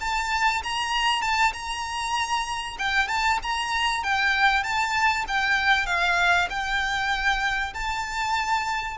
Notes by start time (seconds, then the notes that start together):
0.00 A5
0.63 A#5
1.21 A5
1.53 A#5
2.78 G5
3.08 A5
3.42 A#5
4.03 G5
4.63 A5
5.27 G5
5.86 F5
6.49 G5
7.73 A5